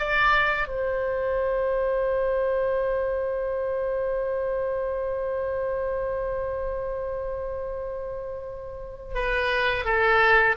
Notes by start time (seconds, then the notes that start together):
0.00 D5
0.68 C5
9.15 B4
9.86 A4